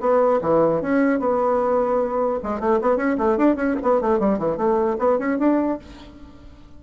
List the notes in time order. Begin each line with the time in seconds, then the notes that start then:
0.00 B3
0.41 E3
0.81 C#4
1.19 B3
2.43 G#3
2.60 A3
2.81 B3
2.97 C#4
3.18 A3
3.37 D4
3.56 C#4
3.82 B3
4.01 A3
4.19 G3
4.39 E3
4.57 A3
4.99 B3
5.19 C#4
5.38 D4